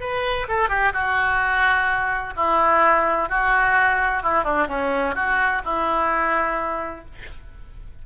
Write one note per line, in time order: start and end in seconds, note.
0.00 0.47 B4
0.48 0.69 A4
0.69 0.92 G4
0.93 2.34 F#4
2.36 3.29 E4
3.29 4.23 F#4
4.23 4.44 E4
4.44 4.67 D4
4.68 5.15 C#4
5.15 5.62 F#4
5.64 7.05 E4